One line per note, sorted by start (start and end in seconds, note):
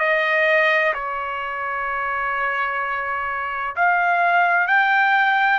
0.00 0.94 D#5
0.94 3.75 C#5
3.76 4.68 F5
4.68 5.60 G5